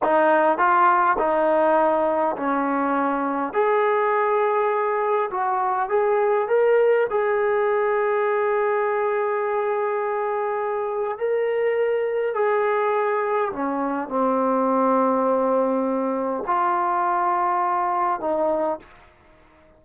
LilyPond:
\new Staff \with { instrumentName = "trombone" } { \time 4/4 \tempo 4 = 102 dis'4 f'4 dis'2 | cis'2 gis'2~ | gis'4 fis'4 gis'4 ais'4 | gis'1~ |
gis'2. ais'4~ | ais'4 gis'2 cis'4 | c'1 | f'2. dis'4 | }